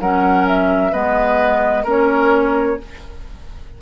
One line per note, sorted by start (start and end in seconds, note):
0.00 0.92 F#3
0.00 0.92 C#4
0.00 0.92 A#4
0.00 0.47 F#5
0.47 0.93 E5
0.92 1.84 G#3
0.92 1.84 B3
0.92 1.83 B4
0.92 1.86 D#5
1.83 2.77 A#3
1.83 2.78 C#4
1.83 2.76 A#4
1.83 2.81 C#5